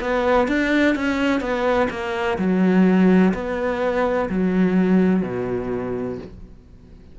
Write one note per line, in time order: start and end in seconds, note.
0.00 0.47 B3
0.47 0.95 D4
0.95 1.40 C#4
1.40 1.87 B3
1.90 2.37 A#3
2.38 3.33 F#3
3.33 4.29 B3
4.29 5.23 F#3
5.23 6.18 B2